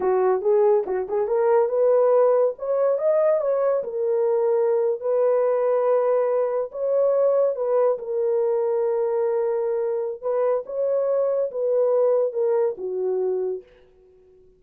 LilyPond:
\new Staff \with { instrumentName = "horn" } { \time 4/4 \tempo 4 = 141 fis'4 gis'4 fis'8 gis'8 ais'4 | b'2 cis''4 dis''4 | cis''4 ais'2~ ais'8. b'16~ | b'2.~ b'8. cis''16~ |
cis''4.~ cis''16 b'4 ais'4~ ais'16~ | ais'1 | b'4 cis''2 b'4~ | b'4 ais'4 fis'2 | }